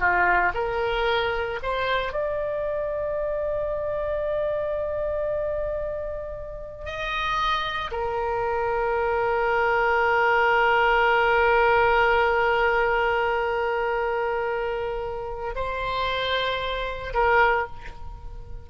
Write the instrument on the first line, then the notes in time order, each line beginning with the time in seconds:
oboe
0.00 F4
0.55 A#4
1.63 C5
2.13 D5
6.86 D#5
7.91 A#4
15.56 C5
17.14 A#4